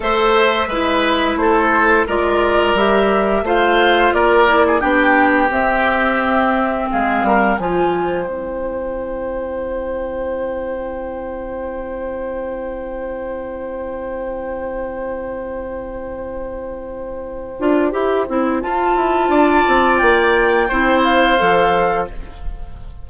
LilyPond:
<<
  \new Staff \with { instrumentName = "flute" } { \time 4/4 \tempo 4 = 87 e''2 c''4 d''4 | e''4 f''4 d''4 g''4 | e''2 f''4 gis''4 | g''1~ |
g''1~ | g''1~ | g''2. a''4~ | a''4 g''4. f''4. | }
  \new Staff \with { instrumentName = "oboe" } { \time 4/4 c''4 b'4 a'4 ais'4~ | ais'4 c''4 ais'8. gis'16 g'4~ | g'2 gis'8 ais'8 c''4~ | c''1~ |
c''1~ | c''1~ | c''1 | d''2 c''2 | }
  \new Staff \with { instrumentName = "clarinet" } { \time 4/4 a'4 e'2 f'4 | g'4 f'4. e'8 d'4 | c'2. f'4 | e'1~ |
e'1~ | e'1~ | e'4. f'8 g'8 e'8 f'4~ | f'2 e'4 a'4 | }
  \new Staff \with { instrumentName = "bassoon" } { \time 4/4 a4 gis4 a4 gis4 | g4 a4 ais4 b4 | c'2 gis8 g8 f4 | c'1~ |
c'1~ | c'1~ | c'4. d'8 e'8 c'8 f'8 e'8 | d'8 c'8 ais4 c'4 f4 | }
>>